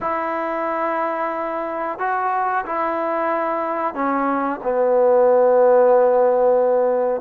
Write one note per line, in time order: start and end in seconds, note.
0.01 1.98 E4
1.98 2.64 F#4
2.65 3.94 E4
3.94 4.60 C#4
4.63 7.21 B3